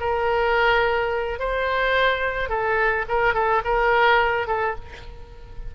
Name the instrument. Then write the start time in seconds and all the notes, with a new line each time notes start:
oboe
0.00 A#4
1.39 C5
2.49 A4
3.09 A#4
3.34 A4
3.64 A#4
4.47 A4